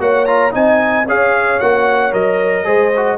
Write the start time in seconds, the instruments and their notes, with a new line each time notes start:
0.00 tuba A#3, trombone F#4, horn C#5, trumpet F#5
0.26 trombone F4, trumpet A#5
0.52 tuba C4, trombone D#4, horn D#5, trumpet G#5
1.07 tuba C#4, trombone G#4, horn C#5, trumpet F5
1.60 tuba A#3, trombone F#4, trumpet F#5
2.12 tuba F#3, trombone A#4, trumpet D#5
2.65 tuba G#3, trombone G#4, horn C5
2.97 trombone F#4